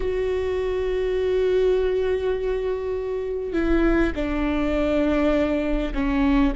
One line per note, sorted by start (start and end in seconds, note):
0.00 3.52 F#4
3.52 4.12 E4
4.15 5.93 D4
5.94 6.53 C#4